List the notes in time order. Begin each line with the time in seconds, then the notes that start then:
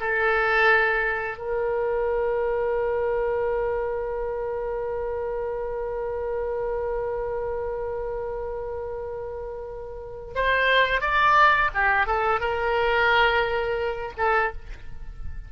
0.00 A4
1.38 A#4
10.35 C5
11.01 D5
11.74 G4
12.07 A4
12.40 A#4
14.18 A4